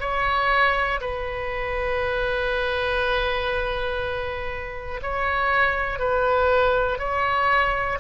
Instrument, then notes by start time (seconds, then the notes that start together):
oboe
0.00 C#5
1.00 B4
5.02 C#5
6.00 B4
6.99 C#5